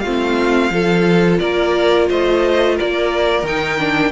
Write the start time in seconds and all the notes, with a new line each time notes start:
0.00 A3 C4 F4 F5
0.71 F3 F4 A4
1.39 A#3 A#4 D5
2.10 A3 C5 D#5
2.76 A#4 D5
2.83 A#3
3.43 D#3 D#4 G5
3.79 D4